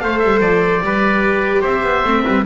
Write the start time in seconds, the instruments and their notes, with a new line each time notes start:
0.00 double bass A3, viola A4, trumpet C5, oboe F5
0.19 double bass G3, oboe E5
0.41 double bass F3, oboe D5
0.81 double bass G3, viola G4, trumpet B4
1.61 double bass C4, trumpet C5, oboe E5
1.83 double bass B3
2.04 double bass A3, viola C4
2.24 double bass G3, trumpet B4